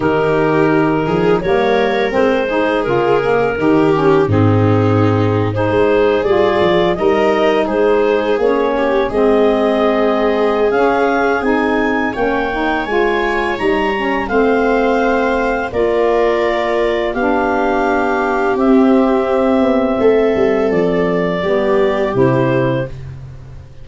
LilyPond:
<<
  \new Staff \with { instrumentName = "clarinet" } { \time 4/4 \tempo 4 = 84 ais'2 cis''4 c''4 | ais'2 gis'4.~ gis'16 c''16~ | c''8. d''4 dis''4 c''4 cis''16~ | cis''8. dis''2~ dis''16 f''4 |
gis''4 g''4 gis''4 ais''4 | f''2 d''2 | f''2 e''2~ | e''4 d''2 c''4 | }
  \new Staff \with { instrumentName = "viola" } { \time 4/4 g'4. gis'8 ais'4. gis'8~ | gis'4 g'4 dis'4.~ dis'16 gis'16~ | gis'4.~ gis'16 ais'4 gis'4~ gis'16~ | gis'16 g'8 gis'2.~ gis'16~ |
gis'4 cis''2. | c''2 ais'2 | g'1 | a'2 g'2 | }
  \new Staff \with { instrumentName = "saxophone" } { \time 4/4 dis'2 ais4 c'8 dis'8 | f'8 ais8 dis'8 cis'8 c'4.~ c'16 dis'16~ | dis'8. f'4 dis'2 cis'16~ | cis'8. c'2~ c'16 cis'4 |
dis'4 cis'8 dis'8 f'4 dis'8 cis'8 | c'2 f'2 | d'2 c'2~ | c'2 b4 e'4 | }
  \new Staff \with { instrumentName = "tuba" } { \time 4/4 dis4. f8 g4 gis4 | cis4 dis4 gis,2 | gis8. g8 f8 g4 gis4 ais16~ | ais8. gis2~ gis16 cis'4 |
c'4 ais4 gis4 g4 | a2 ais2 | b2 c'4. b8 | a8 g8 f4 g4 c4 | }
>>